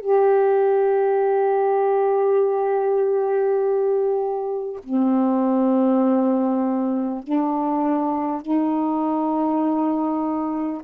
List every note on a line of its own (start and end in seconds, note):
0.00 4.80 G4
4.84 7.23 C4
7.23 8.42 D4
8.42 10.82 D#4